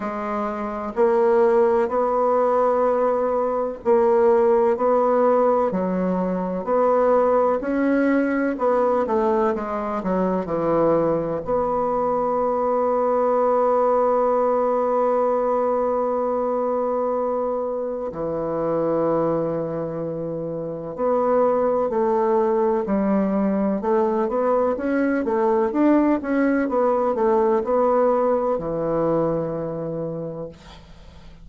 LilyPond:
\new Staff \with { instrumentName = "bassoon" } { \time 4/4 \tempo 4 = 63 gis4 ais4 b2 | ais4 b4 fis4 b4 | cis'4 b8 a8 gis8 fis8 e4 | b1~ |
b2. e4~ | e2 b4 a4 | g4 a8 b8 cis'8 a8 d'8 cis'8 | b8 a8 b4 e2 | }